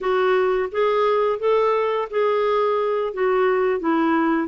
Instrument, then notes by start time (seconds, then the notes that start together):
clarinet
0.00 F#4
0.71 G#4
1.39 A4
2.10 G#4
3.13 F#4
3.79 E4